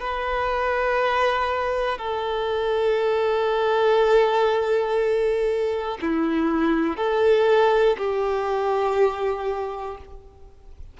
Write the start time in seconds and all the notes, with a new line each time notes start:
0.00 B4
1.99 A4
6.02 E4
6.97 A4
7.98 G4